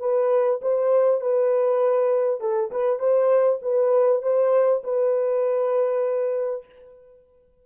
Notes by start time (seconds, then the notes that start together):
0.00 B4
0.62 C5
1.21 B4
2.41 A4
2.71 B4
2.99 C5
3.62 B4
4.23 C5
4.84 B4